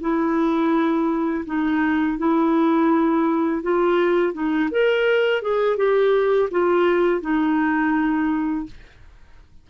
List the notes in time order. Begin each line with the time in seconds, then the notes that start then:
0.00 E4
1.45 D#4
2.18 E4
3.62 F4
4.33 D#4
4.71 A#4
5.42 G#4
5.77 G4
6.51 F4
7.21 D#4